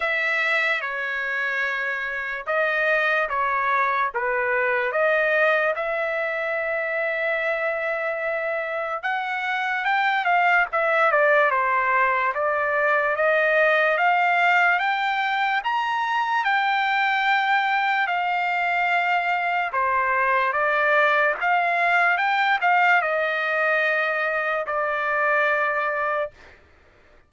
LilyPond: \new Staff \with { instrumentName = "trumpet" } { \time 4/4 \tempo 4 = 73 e''4 cis''2 dis''4 | cis''4 b'4 dis''4 e''4~ | e''2. fis''4 | g''8 f''8 e''8 d''8 c''4 d''4 |
dis''4 f''4 g''4 ais''4 | g''2 f''2 | c''4 d''4 f''4 g''8 f''8 | dis''2 d''2 | }